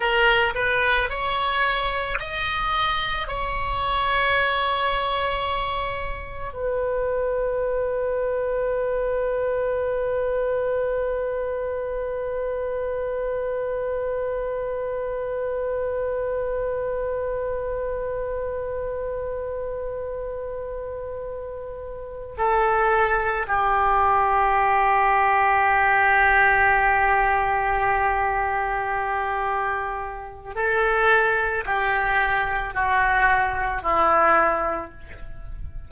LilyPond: \new Staff \with { instrumentName = "oboe" } { \time 4/4 \tempo 4 = 55 ais'8 b'8 cis''4 dis''4 cis''4~ | cis''2 b'2~ | b'1~ | b'1~ |
b'1~ | b'8 a'4 g'2~ g'8~ | g'1 | a'4 g'4 fis'4 e'4 | }